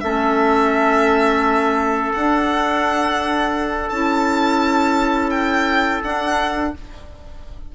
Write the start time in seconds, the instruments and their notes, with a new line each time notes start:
0.00 bassoon A3, clarinet C#4, trumpet A4, violin E5
2.13 bassoon D4, clarinet D4, violin F#5
3.89 bassoon C#4, clarinet E4, violin A5
5.30 violin G5
6.03 bassoon D4, clarinet D4, violin F#5